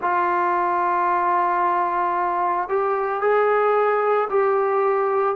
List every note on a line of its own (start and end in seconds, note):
0.01 2.68 F4
2.68 3.21 G4
3.21 4.28 G#4
4.29 5.35 G4